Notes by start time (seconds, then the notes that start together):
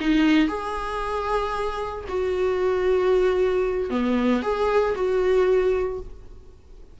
0.00 D#4
0.48 G#4
2.08 F#4
3.90 B3
4.43 G#4
4.95 F#4